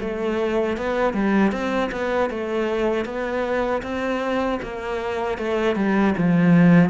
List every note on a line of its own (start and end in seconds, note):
0.00 0.77 A3
0.77 1.13 B3
1.13 1.52 G3
1.52 1.90 C4
1.92 2.30 B3
2.30 3.05 A3
3.05 3.82 B3
3.82 4.59 C4
4.62 5.38 A#3
5.38 5.75 A3
5.75 6.14 G3
6.17 6.90 F3